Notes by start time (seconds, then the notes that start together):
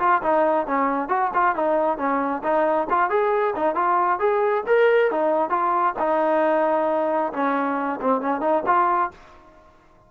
0.00 F4
0.23 D#4
0.67 C#4
1.09 F#4
1.34 F4
1.56 D#4
1.98 C#4
2.44 D#4
2.90 F4
3.10 G#4
3.56 D#4
3.76 F4
4.20 G#4
4.67 A#4
5.11 D#4
5.50 F4
6.00 D#4
7.33 C#4
8.02 C4
8.22 C#4
8.41 D#4
8.67 F4